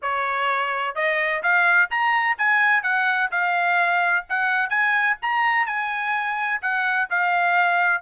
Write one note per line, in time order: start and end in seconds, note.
0.02 0.95 C#5
0.95 1.42 D#5
1.42 1.89 F5
1.90 2.37 A#5
2.38 2.83 G#5
2.83 3.30 F#5
3.31 4.25 F5
4.29 4.69 F#5
4.69 5.16 G#5
5.22 5.66 A#5
5.66 6.60 G#5
6.61 7.08 F#5
7.10 8.02 F5